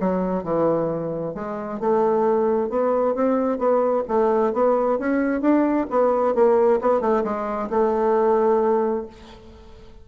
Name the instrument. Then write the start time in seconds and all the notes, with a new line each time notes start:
bassoon
0.00 F#3
0.44 E3
1.35 G#3
1.80 A3
2.69 B3
3.15 C4
3.58 B3
4.08 A3
4.53 B3
4.99 C#4
5.41 D4
5.90 B3
6.35 A#3
6.81 B3
7.01 A3
7.24 G#3
7.70 A3